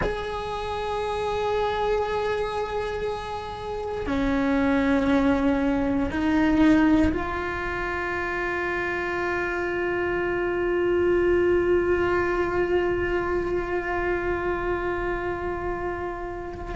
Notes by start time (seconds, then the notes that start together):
0.02 G#4
4.06 C#4
6.10 D#4
7.12 F4